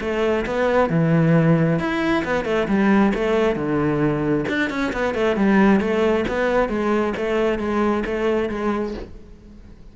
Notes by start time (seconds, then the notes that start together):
0.00 A3
0.46 B3
0.89 E3
1.79 E4
2.24 B3
2.45 A3
2.68 G3
3.14 A3
3.55 D3
4.48 D4
4.70 C#4
4.92 B3
5.14 A3
5.36 G3
5.80 A3
6.27 B3
6.68 G#3
7.17 A3
7.58 G#3
8.06 A3
8.49 G#3